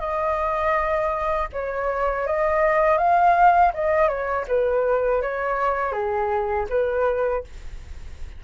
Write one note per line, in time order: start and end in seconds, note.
0.00 1.48 D#5
1.53 2.27 C#5
2.27 2.98 D#5
2.98 3.72 F5
3.74 4.08 D#5
4.08 4.45 C#5
4.48 5.22 B4
5.22 5.93 C#5
5.93 6.67 G#4
6.70 7.44 B4